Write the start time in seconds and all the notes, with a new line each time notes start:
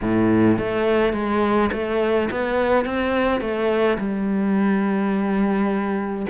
0.01 A2
0.58 A3
1.13 G#3
1.72 A3
2.30 B3
2.85 C4
3.40 A3
3.98 G3